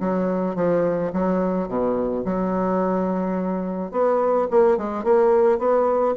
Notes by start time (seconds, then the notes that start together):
0.00 F#3
0.56 F3
1.13 F#3
1.68 B2
2.25 F#3
3.92 B3
4.51 A#3
4.77 G#3
5.04 A#3
5.59 B3